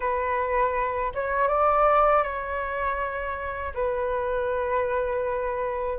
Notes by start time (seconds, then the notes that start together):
0.00 B4
1.14 C#5
1.48 D5
2.23 C#5
3.74 B4